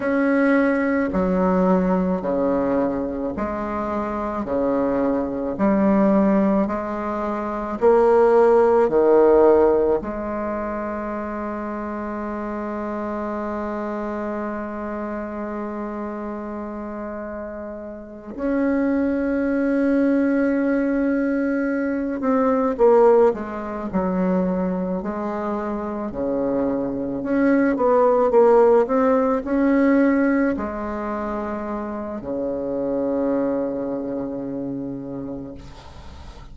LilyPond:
\new Staff \with { instrumentName = "bassoon" } { \time 4/4 \tempo 4 = 54 cis'4 fis4 cis4 gis4 | cis4 g4 gis4 ais4 | dis4 gis2.~ | gis1~ |
gis8 cis'2.~ cis'8 | c'8 ais8 gis8 fis4 gis4 cis8~ | cis8 cis'8 b8 ais8 c'8 cis'4 gis8~ | gis4 cis2. | }